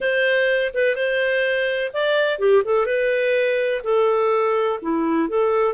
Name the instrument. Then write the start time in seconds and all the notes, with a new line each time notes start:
clarinet
0.00 C5
0.74 B4
0.95 C5
1.93 D5
2.38 G4
2.64 A4
2.85 B4
3.83 A4
4.82 E4
5.28 A4